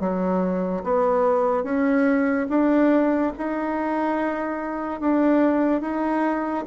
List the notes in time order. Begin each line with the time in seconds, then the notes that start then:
0.00 F#3
0.84 B3
1.64 C#4
2.49 D4
3.38 D#4
5.00 D4
5.81 D#4